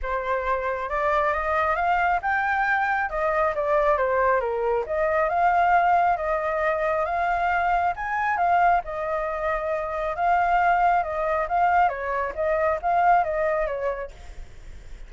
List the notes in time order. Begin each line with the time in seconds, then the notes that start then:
0.02 C5
0.89 D5
1.33 D#5
1.75 F5
2.21 G5
3.09 D#5
3.55 D5
3.97 C5
4.40 A#4
4.86 D#5
5.29 F5
6.16 D#5
7.05 F5
7.96 G#5
8.37 F5
8.84 D#5
10.16 F5
11.03 D#5
11.48 F5
11.88 C#5
12.35 D#5
12.82 F5
13.24 D#5
13.66 C#5